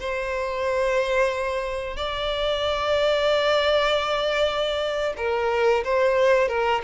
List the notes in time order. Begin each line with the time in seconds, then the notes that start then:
0.00 C5
1.97 D5
5.17 A#4
5.85 C5
6.48 A#4